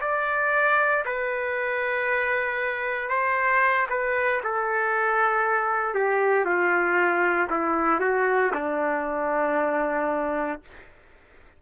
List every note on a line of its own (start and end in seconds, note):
0.00 1.03 D5
1.05 3.09 B4
3.09 3.87 C5
3.89 4.41 B4
4.43 5.94 A4
5.94 6.45 G4
6.45 7.48 F4
7.50 8.00 E4
8.00 8.52 F#4
8.53 10.60 D4